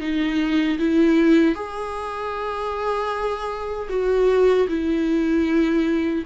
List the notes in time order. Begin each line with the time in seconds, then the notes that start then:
0.00 D#4
0.78 E4
1.54 G#4
3.89 F#4
4.68 E4